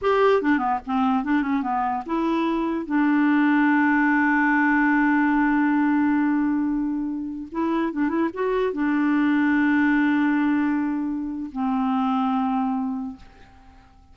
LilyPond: \new Staff \with { instrumentName = "clarinet" } { \time 4/4 \tempo 4 = 146 g'4 d'8 b8 c'4 d'8 cis'8 | b4 e'2 d'4~ | d'1~ | d'1~ |
d'2~ d'16 e'4 d'8 e'16~ | e'16 fis'4 d'2~ d'8.~ | d'1 | c'1 | }